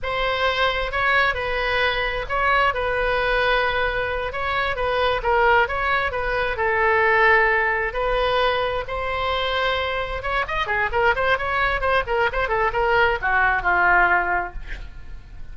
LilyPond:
\new Staff \with { instrumentName = "oboe" } { \time 4/4 \tempo 4 = 132 c''2 cis''4 b'4~ | b'4 cis''4 b'2~ | b'4. cis''4 b'4 ais'8~ | ais'8 cis''4 b'4 a'4.~ |
a'4. b'2 c''8~ | c''2~ c''8 cis''8 dis''8 gis'8 | ais'8 c''8 cis''4 c''8 ais'8 c''8 a'8 | ais'4 fis'4 f'2 | }